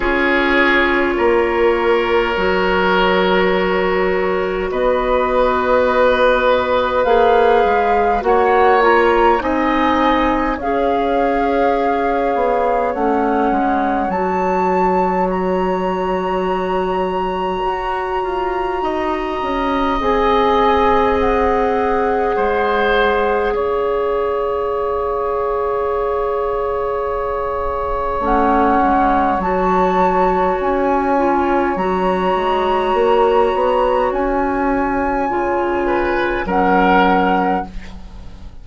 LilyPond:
<<
  \new Staff \with { instrumentName = "flute" } { \time 4/4 \tempo 4 = 51 cis''1 | dis''2 f''4 fis''8 ais''8 | gis''4 f''2 fis''4 | a''4 ais''2.~ |
ais''4 gis''4 fis''2 | f''1 | fis''4 a''4 gis''4 ais''4~ | ais''4 gis''2 fis''4 | }
  \new Staff \with { instrumentName = "oboe" } { \time 4/4 gis'4 ais'2. | b'2. cis''4 | dis''4 cis''2.~ | cis''1 |
dis''2. c''4 | cis''1~ | cis''1~ | cis''2~ cis''8 b'8 ais'4 | }
  \new Staff \with { instrumentName = "clarinet" } { \time 4/4 f'2 fis'2~ | fis'2 gis'4 fis'8 f'8 | dis'4 gis'2 cis'4 | fis'1~ |
fis'4 gis'2.~ | gis'1 | cis'4 fis'4. f'8 fis'4~ | fis'2 f'4 cis'4 | }
  \new Staff \with { instrumentName = "bassoon" } { \time 4/4 cis'4 ais4 fis2 | b2 ais8 gis8 ais4 | c'4 cis'4. b8 a8 gis8 | fis2. fis'8 f'8 |
dis'8 cis'8 c'2 gis4 | cis'1 | a8 gis8 fis4 cis'4 fis8 gis8 | ais8 b8 cis'4 cis4 fis4 | }
>>